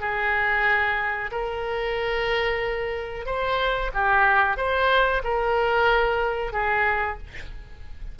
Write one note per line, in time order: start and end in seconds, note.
0.00 1.30 G#4
1.31 3.26 A#4
3.26 3.91 C5
3.94 4.57 G4
4.57 5.22 C5
5.24 6.53 A#4
6.53 7.18 G#4